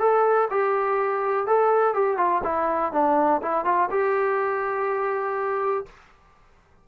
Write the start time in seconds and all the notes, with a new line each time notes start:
0.00 A4
0.51 G4
1.47 A4
1.94 G4
2.18 F4
2.44 E4
2.93 D4
3.42 E4
3.65 F4
3.91 G4